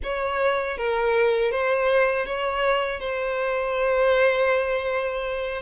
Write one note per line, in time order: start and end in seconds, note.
0.03 0.77 C#5
0.77 1.51 A#4
1.51 2.26 C5
2.26 3.00 C#5
3.00 5.61 C5